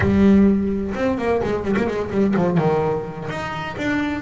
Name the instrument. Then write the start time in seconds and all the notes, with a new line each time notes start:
double bass
0.00 G3
0.94 C4
1.18 A#3
1.43 G#3
1.64 G3
1.77 A#3
1.87 G#3
2.11 G3
2.36 F3
2.57 D#3
3.28 D#4
3.77 D4